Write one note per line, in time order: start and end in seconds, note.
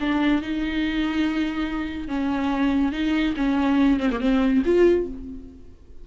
0.00 0.41 D4
0.41 2.08 D#4
2.08 2.92 C#4
2.92 3.34 D#4
3.36 3.99 C#4
3.99 4.10 C4
4.11 4.20 A#3
4.20 4.62 C4
4.65 5.07 F4